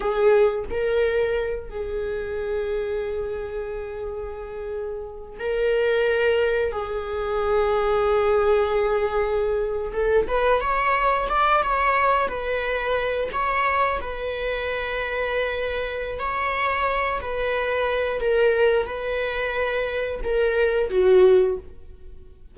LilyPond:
\new Staff \with { instrumentName = "viola" } { \time 4/4 \tempo 4 = 89 gis'4 ais'4. gis'4.~ | gis'1 | ais'2 gis'2~ | gis'2~ gis'8. a'8 b'8 cis''16~ |
cis''8. d''8 cis''4 b'4. cis''16~ | cis''8. b'2.~ b'16 | cis''4. b'4. ais'4 | b'2 ais'4 fis'4 | }